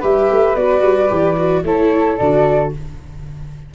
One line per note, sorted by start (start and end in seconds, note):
0.00 0.31 G3
0.00 0.57 G4
0.00 1.62 B4
0.00 0.56 E5
0.32 0.56 A3
0.56 0.82 B3
0.56 1.09 F#4
0.56 1.64 D5
0.82 1.09 G3
1.09 1.64 E3
1.09 1.36 G4
1.37 1.64 F#4
1.64 2.18 A3
1.64 2.20 E4
1.64 2.75 A4
1.64 2.18 C#5
2.18 2.75 D3
2.18 2.75 F#4
2.18 2.72 D5